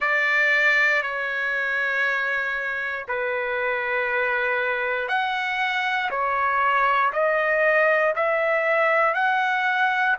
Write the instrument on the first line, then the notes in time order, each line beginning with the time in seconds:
trumpet
0.00 D5
1.02 C#5
3.07 B4
5.08 F#5
6.10 C#5
7.12 D#5
8.15 E5
9.14 F#5